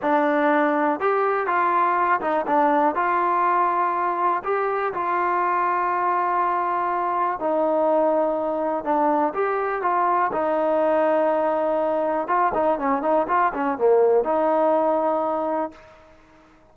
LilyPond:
\new Staff \with { instrumentName = "trombone" } { \time 4/4 \tempo 4 = 122 d'2 g'4 f'4~ | f'8 dis'8 d'4 f'2~ | f'4 g'4 f'2~ | f'2. dis'4~ |
dis'2 d'4 g'4 | f'4 dis'2.~ | dis'4 f'8 dis'8 cis'8 dis'8 f'8 cis'8 | ais4 dis'2. | }